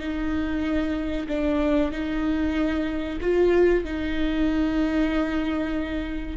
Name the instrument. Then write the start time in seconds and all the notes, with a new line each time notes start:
viola
0.00 D#4
1.29 D4
1.92 D#4
3.21 F4
3.85 D#4